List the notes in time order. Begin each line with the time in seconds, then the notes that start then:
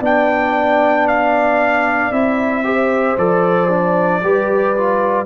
0.00 B3 D4 D5 G5
1.07 F5
2.11 C4 E4 E5
2.64 G4 C5
3.18 F3 A4 D5
3.69 D4
4.23 G3 G4 B4
4.77 F4